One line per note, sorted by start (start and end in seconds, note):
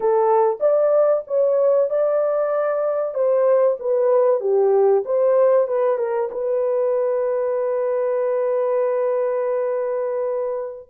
0.00 0.59 A4
0.59 1.23 D5
1.27 1.89 C#5
1.89 3.14 D5
3.14 3.77 C5
3.79 4.40 B4
4.40 5.03 G4
5.05 5.67 C5
5.67 5.98 B4
5.98 6.29 A#4
6.31 10.89 B4